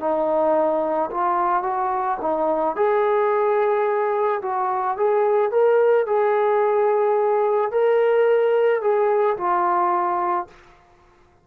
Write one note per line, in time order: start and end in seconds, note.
0.00 1.10 D#4
1.11 1.63 F4
1.63 2.18 F#4
2.21 2.76 D#4
2.76 4.41 G#4
4.42 4.97 F#4
4.97 5.51 G#4
5.51 6.07 A#4
6.07 7.71 G#4
7.71 8.81 A#4
8.82 9.37 G#4
9.37 10.47 F4